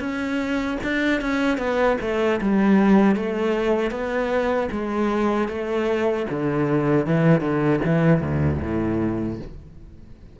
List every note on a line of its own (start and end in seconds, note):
0.00 0.78 C#4
0.83 1.21 D4
1.21 1.58 C#4
1.58 1.97 B3
2.01 2.40 A3
2.41 3.16 G3
3.16 3.91 A3
3.91 4.69 B3
4.71 5.48 G#3
5.48 6.26 A3
6.30 7.06 D3
7.06 7.41 E3
7.41 7.80 D3
7.85 8.21 E3
8.21 8.60 D2
8.61 9.39 A2